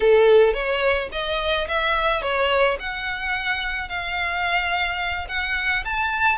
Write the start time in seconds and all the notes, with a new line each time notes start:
0.00 A4
0.53 C#5
1.11 D#5
1.68 E5
2.22 C#5
2.79 F#5
3.88 F5
5.28 F#5
5.84 A5